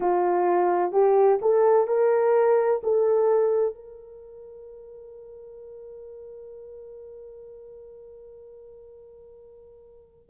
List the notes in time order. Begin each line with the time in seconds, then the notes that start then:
0.00 F4
0.92 G4
1.41 A4
1.87 A#4
2.83 A4
3.74 A#4